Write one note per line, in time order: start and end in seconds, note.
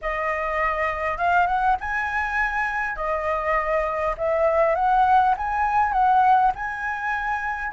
0.01 1.17 D#5
1.17 1.46 F5
1.46 1.76 F#5
1.80 2.96 G#5
2.96 4.14 D#5
4.17 4.75 E5
4.75 5.34 F#5
5.37 5.92 G#5
5.92 6.51 F#5
6.55 7.72 G#5